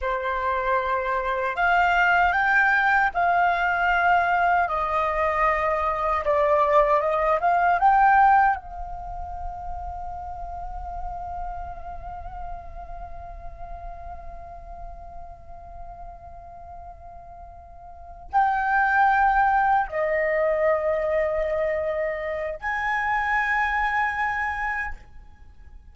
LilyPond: \new Staff \with { instrumentName = "flute" } { \time 4/4 \tempo 4 = 77 c''2 f''4 g''4 | f''2 dis''2 | d''4 dis''8 f''8 g''4 f''4~ | f''1~ |
f''1~ | f''2.~ f''8 g''8~ | g''4. dis''2~ dis''8~ | dis''4 gis''2. | }